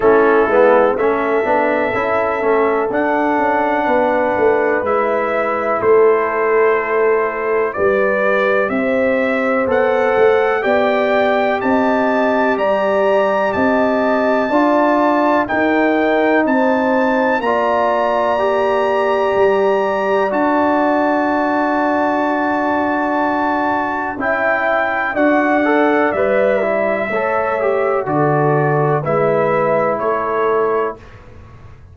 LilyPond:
<<
  \new Staff \with { instrumentName = "trumpet" } { \time 4/4 \tempo 4 = 62 a'4 e''2 fis''4~ | fis''4 e''4 c''2 | d''4 e''4 fis''4 g''4 | a''4 ais''4 a''2 |
g''4 a''4 ais''2~ | ais''4 a''2.~ | a''4 g''4 fis''4 e''4~ | e''4 d''4 e''4 cis''4 | }
  \new Staff \with { instrumentName = "horn" } { \time 4/4 e'4 a'2. | b'2 a'2 | b'4 c''2 d''4 | dis''4 d''4 dis''4 d''4 |
ais'4 c''4 d''2~ | d''1~ | d''4 e''4 d''2 | cis''4 a'4 b'4 a'4 | }
  \new Staff \with { instrumentName = "trombone" } { \time 4/4 cis'8 b8 cis'8 d'8 e'8 cis'8 d'4~ | d'4 e'2. | g'2 a'4 g'4~ | g'2. f'4 |
dis'2 f'4 g'4~ | g'4 fis'2.~ | fis'4 e'4 fis'8 a'8 b'8 e'8 | a'8 g'8 fis'4 e'2 | }
  \new Staff \with { instrumentName = "tuba" } { \time 4/4 a8 gis8 a8 b8 cis'8 a8 d'8 cis'8 | b8 a8 gis4 a2 | g4 c'4 b8 a8 b4 | c'4 g4 c'4 d'4 |
dis'4 c'4 ais2 | g4 d'2.~ | d'4 cis'4 d'4 g4 | a4 d4 gis4 a4 | }
>>